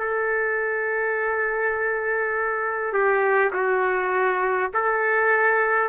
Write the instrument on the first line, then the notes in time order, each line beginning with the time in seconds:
trumpet
0.00 A4
2.93 G4
3.53 F#4
4.74 A4